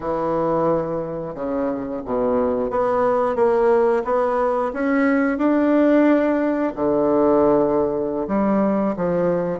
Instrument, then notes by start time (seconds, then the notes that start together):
bassoon
0.00 E3
1.34 C#3
2.05 B2
2.70 B3
3.35 A#3
4.04 B3
4.73 C#4
5.37 D4
6.75 D3
8.27 G3
8.96 F3